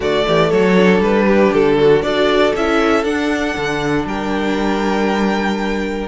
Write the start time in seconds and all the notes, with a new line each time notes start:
0.00 D3 A3 F#4 D5
0.27 E3 G4
0.49 F#3 A4 C#5
0.77 D4
1.00 G3 B4
1.27 G4
1.52 D3 A4
1.79 F#4
2.02 D4 F#4 A4 D5
2.55 C#4 E4 E5
3.03 D4 F#5
3.56 D3
4.05 G3 A#4 G5